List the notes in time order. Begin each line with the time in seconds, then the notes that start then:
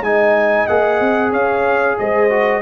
0.00 G#3 D#4 D#5 G#5
0.67 A#3 G#4 F#5
1.00 C4
1.30 C#4 C#5 F5
1.99 G#3 C5 D#5
2.29 F#4